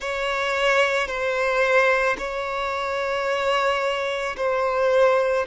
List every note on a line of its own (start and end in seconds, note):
0.00 1.07 C#5
1.07 2.16 C5
2.18 4.36 C#5
4.36 5.45 C5